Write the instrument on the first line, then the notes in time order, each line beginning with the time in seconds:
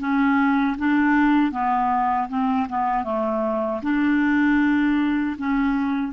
clarinet
0.00 C#4
0.78 D4
1.52 B3
2.29 C4
2.69 B3
3.05 A3
3.83 D4
5.38 C#4